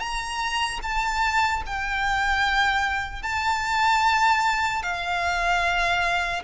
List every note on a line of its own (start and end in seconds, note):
0.00 0.80 A#5
0.83 1.63 A5
1.67 3.23 G5
3.23 4.83 A5
4.83 6.43 F5